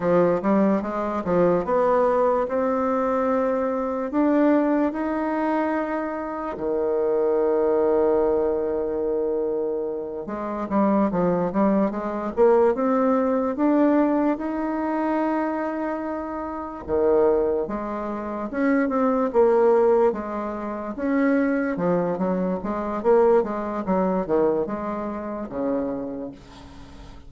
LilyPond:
\new Staff \with { instrumentName = "bassoon" } { \time 4/4 \tempo 4 = 73 f8 g8 gis8 f8 b4 c'4~ | c'4 d'4 dis'2 | dis1~ | dis8 gis8 g8 f8 g8 gis8 ais8 c'8~ |
c'8 d'4 dis'2~ dis'8~ | dis'8 dis4 gis4 cis'8 c'8 ais8~ | ais8 gis4 cis'4 f8 fis8 gis8 | ais8 gis8 fis8 dis8 gis4 cis4 | }